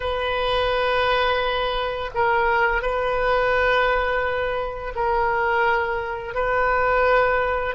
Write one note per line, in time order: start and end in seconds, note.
0.00 2.10 B4
2.14 2.82 A#4
2.82 4.93 B4
4.95 6.34 A#4
6.34 7.75 B4